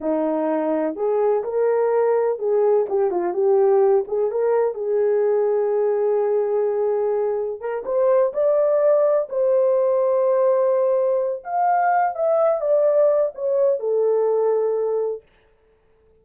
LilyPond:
\new Staff \with { instrumentName = "horn" } { \time 4/4 \tempo 4 = 126 dis'2 gis'4 ais'4~ | ais'4 gis'4 g'8 f'8 g'4~ | g'8 gis'8 ais'4 gis'2~ | gis'1 |
ais'8 c''4 d''2 c''8~ | c''1 | f''4. e''4 d''4. | cis''4 a'2. | }